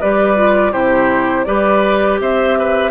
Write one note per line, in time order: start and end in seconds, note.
0.00 0.73 G3
0.00 0.36 G4
0.00 0.71 B4
0.00 0.72 D5
0.36 0.72 F4
0.71 1.46 C3
0.71 1.45 E4
0.71 1.45 G4
0.71 1.44 C5
1.44 2.19 G3
1.44 2.91 G4
1.44 2.20 B4
1.44 2.17 D5
2.19 2.91 C4
2.19 2.58 C5
2.19 2.91 E5
2.58 2.91 B4